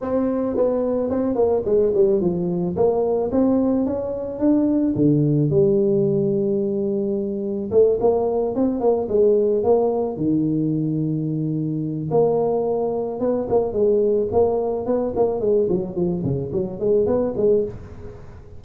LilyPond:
\new Staff \with { instrumentName = "tuba" } { \time 4/4 \tempo 4 = 109 c'4 b4 c'8 ais8 gis8 g8 | f4 ais4 c'4 cis'4 | d'4 d4 g2~ | g2 a8 ais4 c'8 |
ais8 gis4 ais4 dis4.~ | dis2 ais2 | b8 ais8 gis4 ais4 b8 ais8 | gis8 fis8 f8 cis8 fis8 gis8 b8 gis8 | }